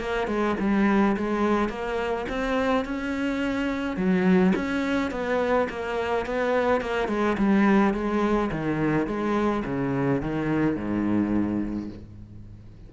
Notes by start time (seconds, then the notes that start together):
0.00 A#3
0.27 G#3
0.59 G3
1.16 G#3
1.69 A#3
2.28 C4
2.85 C#4
3.96 F#3
4.55 C#4
5.11 B3
5.69 A#3
6.25 B3
6.81 A#3
7.08 G#3
7.37 G3
7.94 G#3
8.51 D#3
9.07 G#3
9.65 C#3
10.22 D#3
10.76 G#2